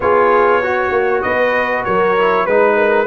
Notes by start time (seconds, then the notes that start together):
0.00 B3 F4 G#4 C#5
0.61 F#4
0.91 A#3
1.22 B3 B4 D#5
1.84 F#3 A#4 C#5
2.18 E4
2.44 G#3 D#4 B4
2.76 A#4